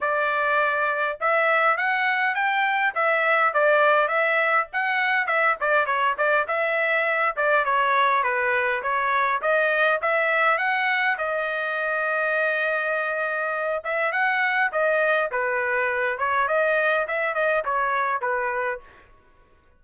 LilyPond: \new Staff \with { instrumentName = "trumpet" } { \time 4/4 \tempo 4 = 102 d''2 e''4 fis''4 | g''4 e''4 d''4 e''4 | fis''4 e''8 d''8 cis''8 d''8 e''4~ | e''8 d''8 cis''4 b'4 cis''4 |
dis''4 e''4 fis''4 dis''4~ | dis''2.~ dis''8 e''8 | fis''4 dis''4 b'4. cis''8 | dis''4 e''8 dis''8 cis''4 b'4 | }